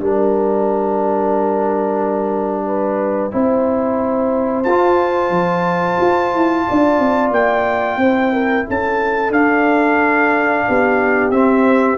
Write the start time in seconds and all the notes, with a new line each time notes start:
0.00 G3 D4 A#4 G5
2.66 B4
3.32 C4 E4 C5
4.64 F4 A5
4.70 F4
5.30 F3
6.01 F4
6.34 E4
6.68 D4 D5
6.99 C4
7.31 A#3 G5
7.97 C4 E4 C5
8.33 A#4
8.68 C#4 A4 A5
9.30 D4 F5
10.67 B3 G4
11.31 C4 E5